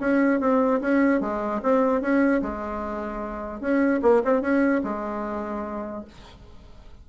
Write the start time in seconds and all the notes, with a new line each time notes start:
0.00 C#4
0.40 C4
0.81 C#4
1.20 G#3
1.62 C4
2.01 C#4
2.42 G#3
3.60 C#4
4.02 A#3
4.24 C4
4.41 C#4
4.84 G#3